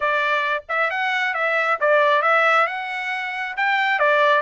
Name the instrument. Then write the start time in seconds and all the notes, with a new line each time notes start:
trumpet
0.00 D5
0.68 E5
0.90 F#5
1.33 E5
1.80 D5
2.22 E5
2.67 F#5
3.56 G5
3.99 D5